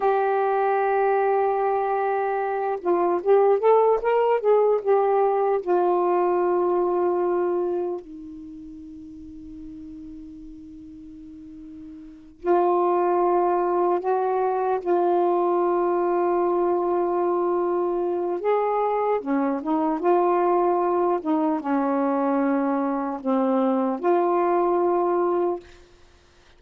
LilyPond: \new Staff \with { instrumentName = "saxophone" } { \time 4/4 \tempo 4 = 75 g'2.~ g'8 f'8 | g'8 a'8 ais'8 gis'8 g'4 f'4~ | f'2 dis'2~ | dis'2.~ dis'8 f'8~ |
f'4. fis'4 f'4.~ | f'2. gis'4 | cis'8 dis'8 f'4. dis'8 cis'4~ | cis'4 c'4 f'2 | }